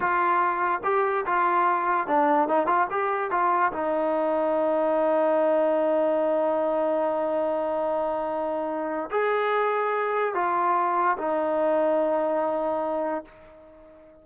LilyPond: \new Staff \with { instrumentName = "trombone" } { \time 4/4 \tempo 4 = 145 f'2 g'4 f'4~ | f'4 d'4 dis'8 f'8 g'4 | f'4 dis'2.~ | dis'1~ |
dis'1~ | dis'2 gis'2~ | gis'4 f'2 dis'4~ | dis'1 | }